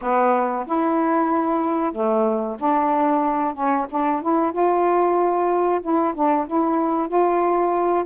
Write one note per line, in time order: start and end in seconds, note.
0.01 0.66 B3
0.66 1.92 E4
1.92 2.57 A3
2.59 3.54 D4
3.54 3.86 C#4
3.90 4.22 D4
4.22 4.52 E4
4.52 5.81 F4
5.81 6.13 E4
6.14 6.46 D4
6.47 7.08 E4
7.08 8.05 F4